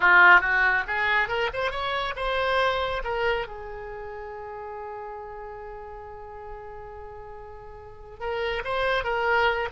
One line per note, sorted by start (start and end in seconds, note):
0.00 0.40 F4
0.40 0.84 F#4
0.87 1.28 G#4
1.28 1.50 A#4
1.53 1.71 C5
1.71 2.14 C#5
2.16 3.02 C5
3.04 3.47 A#4
3.47 8.19 G#4
8.19 8.63 A#4
8.64 9.04 C5
9.04 9.68 A#4